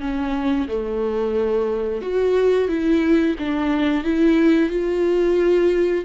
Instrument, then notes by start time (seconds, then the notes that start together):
viola
0.00 C#4
0.67 A3
2.01 F#4
2.68 E4
3.39 D4
4.04 E4
4.69 F4